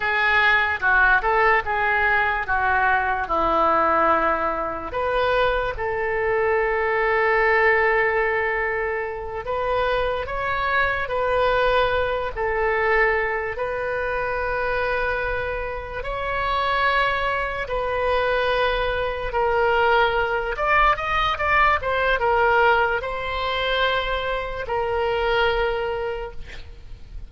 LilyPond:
\new Staff \with { instrumentName = "oboe" } { \time 4/4 \tempo 4 = 73 gis'4 fis'8 a'8 gis'4 fis'4 | e'2 b'4 a'4~ | a'2.~ a'8 b'8~ | b'8 cis''4 b'4. a'4~ |
a'8 b'2. cis''8~ | cis''4. b'2 ais'8~ | ais'4 d''8 dis''8 d''8 c''8 ais'4 | c''2 ais'2 | }